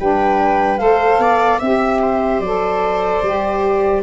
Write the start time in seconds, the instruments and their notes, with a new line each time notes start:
0.00 tuba G3, saxophone D4, viola B4, flute G5
0.78 tuba A3, saxophone A4, viola C5, flute F5
1.19 tuba B3, viola D5
1.59 tuba C4, saxophone G4, viola E5, flute E5
2.02 viola C5
2.40 tuba F#3, saxophone A4, flute D5
3.22 tuba G3, saxophone G4